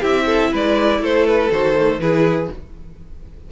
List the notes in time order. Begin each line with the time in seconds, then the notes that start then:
0.00 C4 E4 G4 E5
0.26 A4
0.51 G#3 B4 D5
0.99 A3 A4 C5
1.26 B4
1.51 D#3 F#4 C5
1.75 A3
1.98 E3 E4 G#4 B4